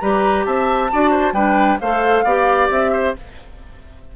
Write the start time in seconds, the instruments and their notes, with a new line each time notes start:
0.00 bassoon G3, clarinet G4, oboe B4, flute A#5
0.45 bassoon C4, oboe E5, flute A5
0.92 bassoon D4, clarinet F#4, oboe D5
1.11 oboe C5
1.33 bassoon G3, clarinet D4, oboe B4, flute G5
1.80 bassoon A3, clarinet A4, oboe C5, flute F5
2.24 bassoon B3, clarinet G4, oboe D5
2.70 bassoon C4, flute E5
2.92 oboe C5